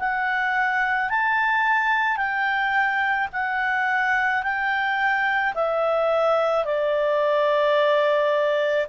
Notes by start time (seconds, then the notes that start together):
0.00 F#5
1.10 A5
2.18 G5
3.33 F#5
4.43 G5
5.55 E5
6.65 D5